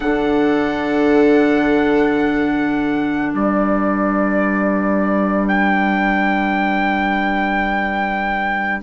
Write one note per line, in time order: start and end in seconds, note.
0.00 3.33 D3
0.00 8.82 D4
0.00 3.33 A4
0.00 3.33 F#5
3.33 8.82 G3
3.33 8.82 B4
3.33 5.48 D5
5.48 8.81 G5